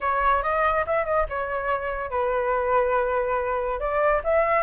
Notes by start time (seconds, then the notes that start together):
0.00 C#5
0.42 D#5
0.86 E5
1.05 D#5
1.29 C#5
2.10 B4
3.79 D5
4.24 E5